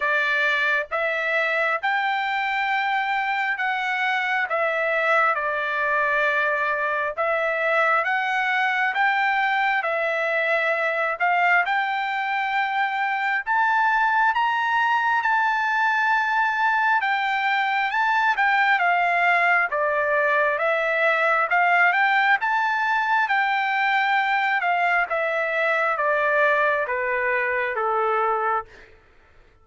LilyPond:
\new Staff \with { instrumentName = "trumpet" } { \time 4/4 \tempo 4 = 67 d''4 e''4 g''2 | fis''4 e''4 d''2 | e''4 fis''4 g''4 e''4~ | e''8 f''8 g''2 a''4 |
ais''4 a''2 g''4 | a''8 g''8 f''4 d''4 e''4 | f''8 g''8 a''4 g''4. f''8 | e''4 d''4 b'4 a'4 | }